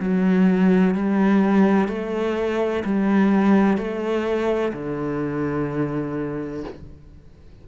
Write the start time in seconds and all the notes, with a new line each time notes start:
0.00 F#3
0.94 G3
1.88 A3
2.84 G3
3.77 A3
4.73 D3